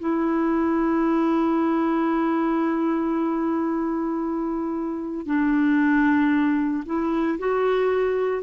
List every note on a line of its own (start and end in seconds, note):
0.00 5.26 E4
5.26 6.84 D4
6.86 7.39 E4
7.39 8.43 F#4